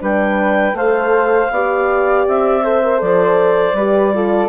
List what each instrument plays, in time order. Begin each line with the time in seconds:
0.00 bassoon G3, horn D4, flute B4, clarinet G5
0.74 bassoon A3, horn A4, flute C5, clarinet F5
1.51 bassoon B3, horn G4, flute D5
2.28 bassoon C4, clarinet E5
2.64 horn A4, flute C5
2.83 horn A#4
2.98 bassoon F3, horn A4, clarinet D5
3.74 bassoon G3, horn G4, flute B4
4.14 horn F4, flute A4